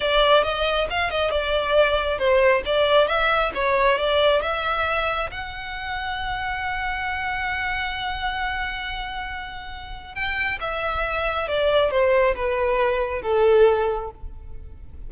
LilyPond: \new Staff \with { instrumentName = "violin" } { \time 4/4 \tempo 4 = 136 d''4 dis''4 f''8 dis''8 d''4~ | d''4 c''4 d''4 e''4 | cis''4 d''4 e''2 | fis''1~ |
fis''1~ | fis''2. g''4 | e''2 d''4 c''4 | b'2 a'2 | }